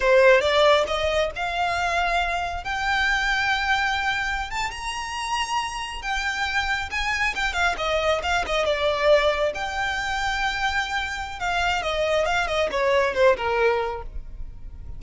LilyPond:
\new Staff \with { instrumentName = "violin" } { \time 4/4 \tempo 4 = 137 c''4 d''4 dis''4 f''4~ | f''2 g''2~ | g''2~ g''16 a''8 ais''4~ ais''16~ | ais''4.~ ais''16 g''2 gis''16~ |
gis''8. g''8 f''8 dis''4 f''8 dis''8 d''16~ | d''4.~ d''16 g''2~ g''16~ | g''2 f''4 dis''4 | f''8 dis''8 cis''4 c''8 ais'4. | }